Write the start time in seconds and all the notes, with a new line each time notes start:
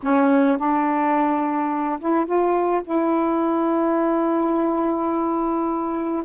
0.02 C#4
0.57 D4
1.99 E4
2.25 F4
2.84 E4